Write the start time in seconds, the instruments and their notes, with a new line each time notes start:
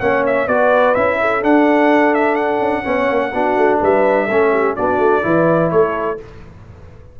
0.00 tuba A#3, trombone C#4, horn C#5, trumpet F#5
0.26 trumpet E5
0.47 tuba B3, trombone F#4, horn B4, trumpet D5
0.95 tuba C#4, trombone E4, trumpet E5
1.21 horn A4
1.42 trombone D4, tuba D4, trumpet F#5
2.14 trumpet E5
2.35 trumpet F#5
2.59 tuba C#4
2.83 tuba B3, trombone C#4, horn C#5
3.10 tuba A#3
3.33 tuba B3, trombone D4, horn F#4
3.57 tuba A3
3.80 tuba G3, horn B4, trumpet E5
4.27 tuba A3, trombone C#4, horn A4
4.51 horn G4
4.76 tuba B3, trombone D4, horn F#4, trumpet D5
4.99 tuba A3
5.22 tuba E3, trombone E4, horn B4
5.71 tuba A3, horn A4, trumpet C#5